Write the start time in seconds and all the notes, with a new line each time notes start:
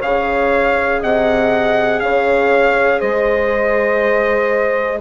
0.00 C#3 G#4 C#5 F5
1.00 C3 D#5 F#5
2.00 C#3 C#5 F5
3.01 G#3 C5 D#5